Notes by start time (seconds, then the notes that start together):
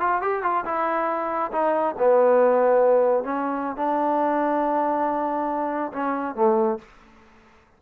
0.00 F4
0.22 G4
0.43 F4
0.65 E4
1.52 D#4
1.99 B3
3.24 C#4
3.77 D4
5.92 C#4
6.35 A3